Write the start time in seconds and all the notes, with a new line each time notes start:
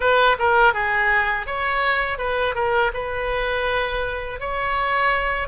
0.00 B4
0.39 A#4
0.73 G#4
1.46 C#5
2.18 B4
2.54 A#4
2.93 B4
4.40 C#5